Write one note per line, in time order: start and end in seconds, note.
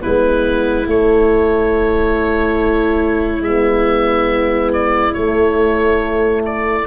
0.00 0.87 G#3
0.00 0.86 B3
0.00 6.87 E4
0.00 0.87 B4
0.87 3.41 A3
0.87 3.44 A3
0.87 3.43 C#5
3.41 5.12 G#3
3.41 5.15 B3
3.41 4.72 E5
4.73 5.14 D5
5.14 6.86 A3
5.14 6.87 A3
5.14 6.42 C#5
6.45 6.87 D5